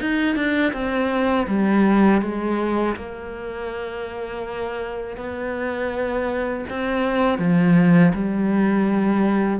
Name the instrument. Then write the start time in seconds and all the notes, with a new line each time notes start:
cello
0.00 D#4
0.35 D4
0.72 C4
1.47 G3
2.21 G#3
2.95 A#3
5.16 B3
6.69 C4
7.38 F3
8.13 G3